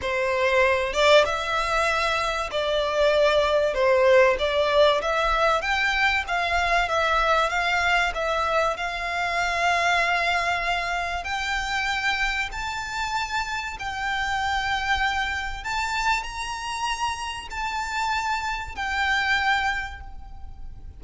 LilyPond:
\new Staff \with { instrumentName = "violin" } { \time 4/4 \tempo 4 = 96 c''4. d''8 e''2 | d''2 c''4 d''4 | e''4 g''4 f''4 e''4 | f''4 e''4 f''2~ |
f''2 g''2 | a''2 g''2~ | g''4 a''4 ais''2 | a''2 g''2 | }